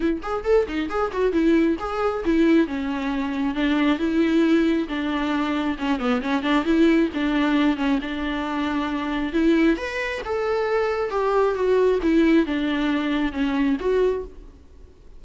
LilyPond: \new Staff \with { instrumentName = "viola" } { \time 4/4 \tempo 4 = 135 e'8 gis'8 a'8 dis'8 gis'8 fis'8 e'4 | gis'4 e'4 cis'2 | d'4 e'2 d'4~ | d'4 cis'8 b8 cis'8 d'8 e'4 |
d'4. cis'8 d'2~ | d'4 e'4 b'4 a'4~ | a'4 g'4 fis'4 e'4 | d'2 cis'4 fis'4 | }